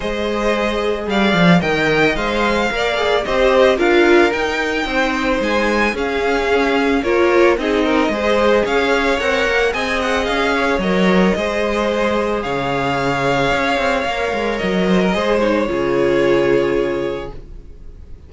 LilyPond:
<<
  \new Staff \with { instrumentName = "violin" } { \time 4/4 \tempo 4 = 111 dis''2 f''4 g''4 | f''2 dis''4 f''4 | g''2 gis''4 f''4~ | f''4 cis''4 dis''2 |
f''4 fis''4 gis''8 fis''8 f''4 | dis''2. f''4~ | f''2. dis''4~ | dis''8 cis''2.~ cis''8 | }
  \new Staff \with { instrumentName = "violin" } { \time 4/4 c''2 d''4 dis''4~ | dis''4 d''4 c''4 ais'4~ | ais'4 c''2 gis'4~ | gis'4 ais'4 gis'8 ais'8 c''4 |
cis''2 dis''4. cis''8~ | cis''4 c''2 cis''4~ | cis''2.~ cis''8 c''16 ais'16 | c''4 gis'2. | }
  \new Staff \with { instrumentName = "viola" } { \time 4/4 gis'2. ais'4 | c''4 ais'8 gis'8 g'4 f'4 | dis'2. cis'4~ | cis'4 f'4 dis'4 gis'4~ |
gis'4 ais'4 gis'2 | ais'4 gis'2.~ | gis'2 ais'2 | gis'8 dis'8 f'2. | }
  \new Staff \with { instrumentName = "cello" } { \time 4/4 gis2 g8 f8 dis4 | gis4 ais4 c'4 d'4 | dis'4 c'4 gis4 cis'4~ | cis'4 ais4 c'4 gis4 |
cis'4 c'8 ais8 c'4 cis'4 | fis4 gis2 cis4~ | cis4 cis'8 c'8 ais8 gis8 fis4 | gis4 cis2. | }
>>